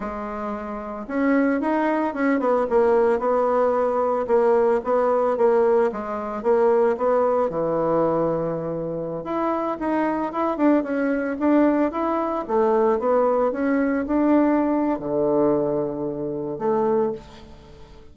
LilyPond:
\new Staff \with { instrumentName = "bassoon" } { \time 4/4 \tempo 4 = 112 gis2 cis'4 dis'4 | cis'8 b8 ais4 b2 | ais4 b4 ais4 gis4 | ais4 b4 e2~ |
e4~ e16 e'4 dis'4 e'8 d'16~ | d'16 cis'4 d'4 e'4 a8.~ | a16 b4 cis'4 d'4.~ d'16 | d2. a4 | }